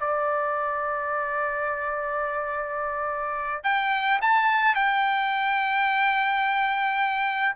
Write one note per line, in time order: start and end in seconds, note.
0.00 3.64 D5
3.64 4.20 G5
4.22 4.75 A5
4.75 7.56 G5